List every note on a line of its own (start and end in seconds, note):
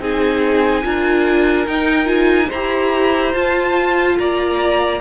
0.00 0.83 C4
0.00 0.83 D#4
0.00 0.84 G#4
0.00 1.68 G#5
0.83 1.68 D4
0.83 1.66 F4
0.83 2.49 A#4
1.68 2.51 D#4
1.68 2.06 D#4
1.68 2.08 G5
2.06 2.48 F4
2.06 2.50 G#5
2.49 3.34 E4
2.49 3.34 G4
2.49 4.16 C5
2.49 3.34 A#5
3.34 4.17 F4
3.34 5.01 F4
3.34 4.18 A5
4.18 5.01 A#3
4.18 5.01 D5
4.18 5.01 A#5